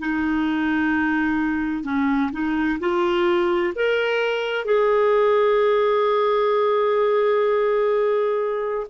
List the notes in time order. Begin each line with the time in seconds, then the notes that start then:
0.00 D#4
1.85 C#4
2.33 D#4
2.80 F4
3.76 A#4
4.65 G#4